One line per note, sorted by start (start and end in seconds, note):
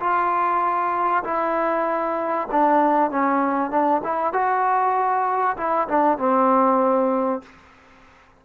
0.00 1.24 F4
1.24 2.48 E4
2.52 3.11 D4
3.11 3.71 C#4
3.71 4.02 D4
4.04 4.33 E4
4.33 5.57 F#4
5.57 5.88 E4
5.88 6.19 D4
6.19 7.42 C4